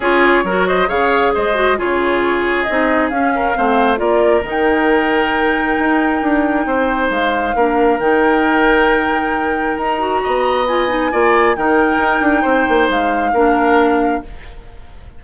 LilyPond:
<<
  \new Staff \with { instrumentName = "flute" } { \time 4/4 \tempo 4 = 135 cis''4. dis''8 f''4 dis''4 | cis''2 dis''4 f''4~ | f''4 d''4 g''2~ | g''1 |
f''2 g''2~ | g''2 ais''2 | gis''2 g''2~ | g''4 f''2. | }
  \new Staff \with { instrumentName = "oboe" } { \time 4/4 gis'4 ais'8 c''8 cis''4 c''4 | gis'2.~ gis'8 ais'8 | c''4 ais'2.~ | ais'2. c''4~ |
c''4 ais'2.~ | ais'2. dis''4~ | dis''4 d''4 ais'2 | c''2 ais'2 | }
  \new Staff \with { instrumentName = "clarinet" } { \time 4/4 f'4 fis'4 gis'4. fis'8 | f'2 dis'4 cis'4 | c'4 f'4 dis'2~ | dis'1~ |
dis'4 d'4 dis'2~ | dis'2~ dis'8 fis'4. | f'8 dis'8 f'4 dis'2~ | dis'2 d'2 | }
  \new Staff \with { instrumentName = "bassoon" } { \time 4/4 cis'4 fis4 cis4 gis4 | cis2 c'4 cis'4 | a4 ais4 dis2~ | dis4 dis'4 d'4 c'4 |
gis4 ais4 dis2~ | dis2 dis'4 b4~ | b4 ais4 dis4 dis'8 d'8 | c'8 ais8 gis4 ais2 | }
>>